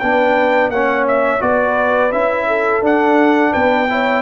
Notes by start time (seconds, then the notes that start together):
0.00 B3 D4 B4 G5
0.70 A#3 C#4 C#5 F#5
1.08 E5
1.40 B3 F#4 B4 D5
2.12 C#4 E4 E5
2.48 A4
2.82 D4 F#5
3.53 B3 B4 G5
3.90 E4 C#5